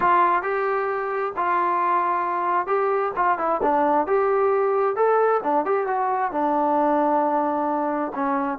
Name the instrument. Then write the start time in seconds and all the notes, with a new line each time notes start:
trombone
0.00 F4
0.42 G4
1.36 F4
2.67 G4
3.16 F4
3.38 E4
3.62 D4
4.06 G4
4.95 A4
5.43 D4
5.65 G4
5.86 F#4
6.31 D4
8.14 C#4